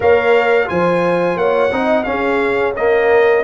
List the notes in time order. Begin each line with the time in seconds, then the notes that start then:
0.00 A#3 A#4 C#5 F5
0.66 F3 F4 C5 G#5
1.36 A#3 C#5 F#5
1.71 C4 D#4 D#5
2.03 C#4 G#4 F5
2.75 A#3 A#4 D#5